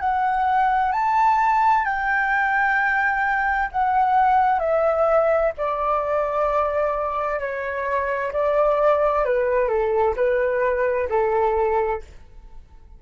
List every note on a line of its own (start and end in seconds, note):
0.00 0.92 F#5
0.92 1.85 A5
1.85 3.69 G5
3.72 4.59 F#5
4.59 5.52 E5
5.57 7.40 D5
7.40 8.32 C#5
8.32 9.25 D5
9.25 9.68 B4
9.68 10.15 A4
10.16 11.09 B4
11.09 12.02 A4